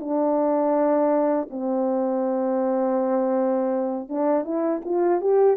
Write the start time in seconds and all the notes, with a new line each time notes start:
0.00 D4
1.50 C4
4.09 D4
4.44 E4
4.85 F4
5.21 G4